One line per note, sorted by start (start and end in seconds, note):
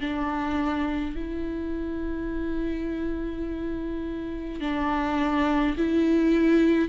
0.00 1.15 D4
1.15 4.60 E4
4.60 5.75 D4
5.77 6.88 E4